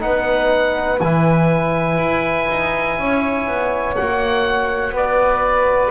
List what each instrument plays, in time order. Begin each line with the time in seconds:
0.00 double bass B3, trombone D#4, flute B4, oboe F#5
1.01 double bass E3, trombone E4, oboe G#5
1.98 double bass E4
2.50 double bass D#4
2.99 double bass C#4, flute C#5
3.48 double bass B3
3.96 double bass A#3, trombone F#4, oboe F#5
4.91 double bass B3, flute B4
4.97 oboe D5